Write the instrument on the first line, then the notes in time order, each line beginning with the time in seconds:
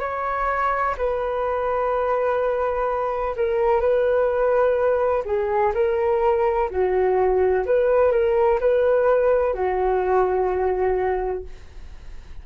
flute
0.00 C#5
0.98 B4
3.37 A#4
3.81 B4
5.26 G#4
5.74 A#4
6.71 F#4
7.66 B4
8.12 A#4
8.61 B4
9.54 F#4